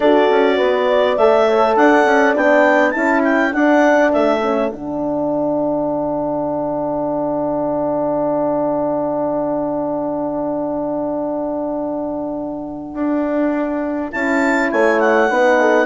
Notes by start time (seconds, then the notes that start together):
0.00 D4 F#4 A4 D5
0.29 C#4
0.56 B3 B4
0.88 D5
1.17 A3 A4 E5
1.47 C#5
1.76 D4 D5 F#5
2.04 C#4
2.35 B3 D4 G5
2.91 C#4 E4 A4 A5
3.24 G5
3.52 D4 F#5
4.12 A3 E5
4.42 C#4
4.71 D3 D4 F#5
12.93 D4
14.11 C#4 E4 A5
14.71 A3 C#5 G#5
15.00 F#5
15.30 B3 D#4 B4
15.60 A4